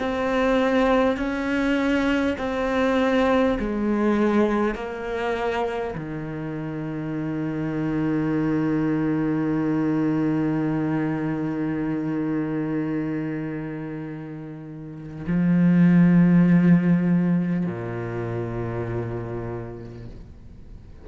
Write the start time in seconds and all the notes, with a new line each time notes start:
0.00 C4
1.17 C#4
2.38 C4
3.59 G#3
4.75 A#3
5.96 D#3
15.28 F3
17.66 A#2